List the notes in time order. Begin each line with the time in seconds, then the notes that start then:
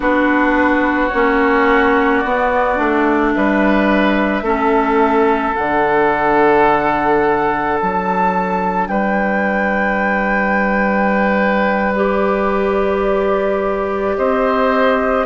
0.00 B3 D4 F#4 B4
1.08 A#3 C#4 C#5
2.17 D5
2.24 B3
2.75 A3 D4
3.33 G3 B4 E5
4.42 A3 C#4 A4
5.54 D3 D4 F#5
7.80 F#3 A5
8.87 G3 B4 G5
11.95 G4 D5
14.16 C4 C5 D#5